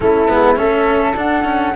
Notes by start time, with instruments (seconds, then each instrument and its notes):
0.00 tuba A3, cello C#4, flute E4 A4
0.28 tuba G#3, cello B3
0.55 tuba A3, cello C#4, flute A4 E5
1.15 tuba D4, cello D4, flute F#5
1.44 cello C#4